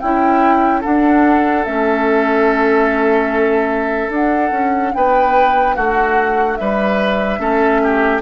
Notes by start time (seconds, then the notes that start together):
0.00 C#4 E4 G5
0.81 D4 A4 F#5
1.65 A3 C#4 E5
4.10 D4 F#5
4.51 C#4
4.95 B3 B4 G5
5.75 A3 F#4 F#5
6.57 G3 B4 E5
7.39 A3 C#4 A4
7.83 G4